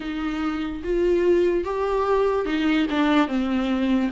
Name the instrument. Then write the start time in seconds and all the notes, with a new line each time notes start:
viola
0.00 D#4
0.83 F4
1.64 G4
2.45 D#4
2.90 D4
3.27 C4